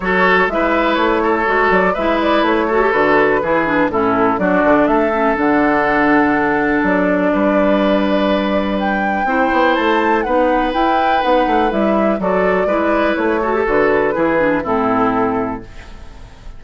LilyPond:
<<
  \new Staff \with { instrumentName = "flute" } { \time 4/4 \tempo 4 = 123 cis''4 e''4 cis''4. d''8 | e''8 d''8 cis''4 b'2 | a'4 d''4 e''4 fis''4~ | fis''2 d''2~ |
d''2 g''2 | a''4 fis''4 g''4 fis''4 | e''4 d''2 cis''4 | b'2 a'2 | }
  \new Staff \with { instrumentName = "oboe" } { \time 4/4 a'4 b'4. a'4. | b'4. a'4. gis'4 | e'4 fis'4 a'2~ | a'2. b'4~ |
b'2. c''4~ | c''4 b'2.~ | b'4 a'4 b'4. a'8~ | a'4 gis'4 e'2 | }
  \new Staff \with { instrumentName = "clarinet" } { \time 4/4 fis'4 e'2 fis'4 | e'4. fis'16 g'16 fis'4 e'8 d'8 | cis'4 d'4. cis'8 d'4~ | d'1~ |
d'2. e'4~ | e'4 dis'4 e'4 dis'4 | e'4 fis'4 e'4. fis'16 g'16 | fis'4 e'8 d'8 c'2 | }
  \new Staff \with { instrumentName = "bassoon" } { \time 4/4 fis4 gis4 a4 gis8 fis8 | gis4 a4 d4 e4 | a,4 fis8 d8 a4 d4~ | d2 fis4 g4~ |
g2. c'8 b8 | a4 b4 e'4 b8 a8 | g4 fis4 gis4 a4 | d4 e4 a,2 | }
>>